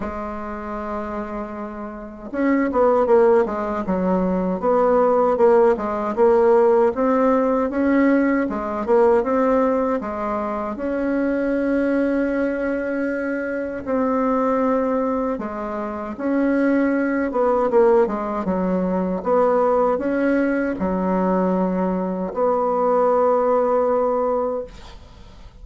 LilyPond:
\new Staff \with { instrumentName = "bassoon" } { \time 4/4 \tempo 4 = 78 gis2. cis'8 b8 | ais8 gis8 fis4 b4 ais8 gis8 | ais4 c'4 cis'4 gis8 ais8 | c'4 gis4 cis'2~ |
cis'2 c'2 | gis4 cis'4. b8 ais8 gis8 | fis4 b4 cis'4 fis4~ | fis4 b2. | }